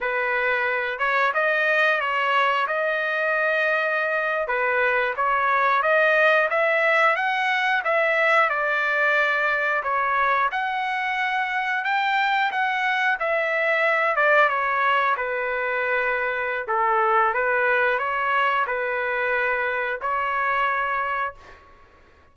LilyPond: \new Staff \with { instrumentName = "trumpet" } { \time 4/4 \tempo 4 = 90 b'4. cis''8 dis''4 cis''4 | dis''2~ dis''8. b'4 cis''16~ | cis''8. dis''4 e''4 fis''4 e''16~ | e''8. d''2 cis''4 fis''16~ |
fis''4.~ fis''16 g''4 fis''4 e''16~ | e''4~ e''16 d''8 cis''4 b'4~ b'16~ | b'4 a'4 b'4 cis''4 | b'2 cis''2 | }